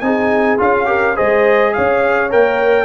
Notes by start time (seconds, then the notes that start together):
0.00 C4 D#4 G#4 G#5
0.58 C#4 F4 F5
0.85 G4 A#4
1.16 G#3 G#4 C5 D#5
1.74 C#4 C#5 F5
2.30 A#3 A#4 G5